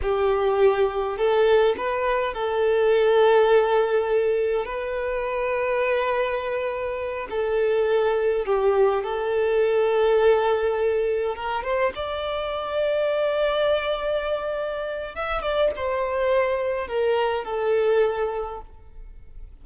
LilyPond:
\new Staff \with { instrumentName = "violin" } { \time 4/4 \tempo 4 = 103 g'2 a'4 b'4 | a'1 | b'1~ | b'8 a'2 g'4 a'8~ |
a'2.~ a'8 ais'8 | c''8 d''2.~ d''8~ | d''2 e''8 d''8 c''4~ | c''4 ais'4 a'2 | }